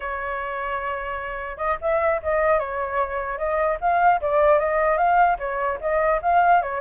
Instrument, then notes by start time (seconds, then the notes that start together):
flute
0.00 C#5
1.57 D#5
1.81 E5
2.22 D#5
2.59 C#5
3.37 D#5
3.81 F5
4.21 D5
4.59 D#5
4.97 F5
5.39 C#5
5.81 D#5
6.22 F5
6.62 C#5